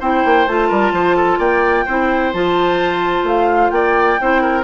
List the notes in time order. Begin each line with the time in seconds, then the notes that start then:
0.00 C4 E4 C5 G5
0.25 A#3
0.47 A3 F4 A5
0.68 G3 A#4
0.92 F3 C5
1.16 A4
1.39 A#3 D5 G5
1.85 C4 E4 C5
2.33 F3 F4 A5
3.23 A3 F5
3.70 A#3 D5 G5
4.20 C4 E4 C5
4.42 A#4